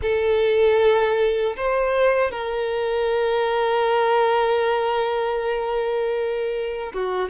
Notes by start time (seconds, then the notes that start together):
0.02 A4
1.56 C5
2.31 A#4
6.93 F#4